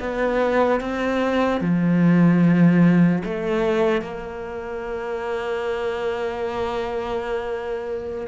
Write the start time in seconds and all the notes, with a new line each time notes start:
0.00 B3
0.81 C4
1.61 F3
3.25 A3
4.02 A#3